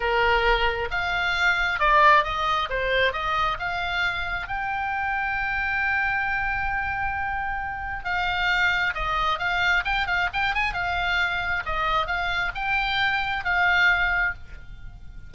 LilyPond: \new Staff \with { instrumentName = "oboe" } { \time 4/4 \tempo 4 = 134 ais'2 f''2 | d''4 dis''4 c''4 dis''4 | f''2 g''2~ | g''1~ |
g''2 f''2 | dis''4 f''4 g''8 f''8 g''8 gis''8 | f''2 dis''4 f''4 | g''2 f''2 | }